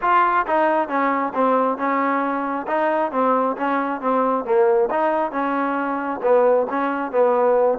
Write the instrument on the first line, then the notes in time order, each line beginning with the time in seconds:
trombone
0.01 F4
0.46 D#4
0.88 C#4
1.34 C4
1.77 C#4
2.67 D#4
3.11 C4
3.57 C#4
4.00 C4
4.44 A#3
4.90 D#4
5.31 C#4
6.22 B3
6.70 C#4
7.11 B3